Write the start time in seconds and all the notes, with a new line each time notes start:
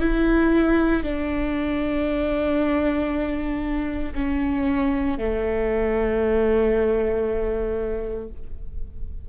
0.00 E4
1.03 D4
4.15 C#4
5.19 A3